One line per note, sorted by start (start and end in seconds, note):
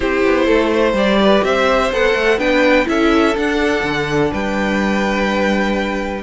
0.00 0.24 C4
0.00 0.94 E4
0.00 0.46 G4
0.00 0.96 C5
0.24 0.47 B3
0.46 0.93 A3
0.46 0.70 A4
0.71 1.19 C5
0.93 1.41 G3
0.93 1.91 G4
0.93 1.44 D5
1.21 1.45 B4
1.43 1.91 C4
1.43 2.39 C5
1.43 1.92 E5
1.92 2.14 B3
1.92 2.38 A4
1.92 2.39 F#5
2.14 2.38 A3
2.38 2.86 B3
2.38 2.85 D4
2.38 2.87 B4
2.38 2.87 G5
2.85 3.36 C#4
2.85 3.33 E4
2.85 4.30 A4
2.85 3.37 E5
3.36 6.23 D4
3.36 3.83 D4
3.36 4.33 F#5
3.83 4.31 D3
4.30 6.23 G3
4.30 6.22 B4
4.30 6.23 G5